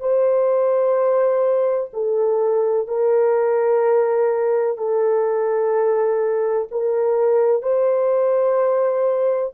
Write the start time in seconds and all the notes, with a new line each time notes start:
0.00 C5
1.93 A4
2.87 A#4
4.77 A4
6.71 A#4
7.62 C5